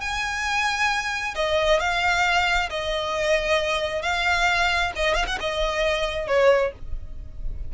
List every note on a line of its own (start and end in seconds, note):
0.00 1.34 G#5
1.35 1.79 D#5
1.79 2.69 F5
2.70 4.02 D#5
4.02 4.91 F5
4.96 5.14 D#5
5.14 5.25 F5
5.26 5.38 F#5
5.40 6.27 D#5
6.27 6.72 C#5